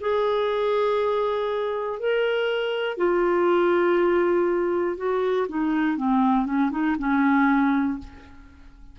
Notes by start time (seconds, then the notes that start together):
0.00 G#4
2.00 A#4
2.97 F4
4.97 F#4
5.49 D#4
5.97 C4
6.45 C#4
6.71 D#4
6.98 C#4